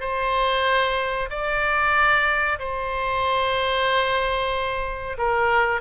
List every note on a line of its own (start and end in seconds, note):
0.00 1.29 C5
1.29 2.58 D5
2.59 5.17 C5
5.18 5.81 A#4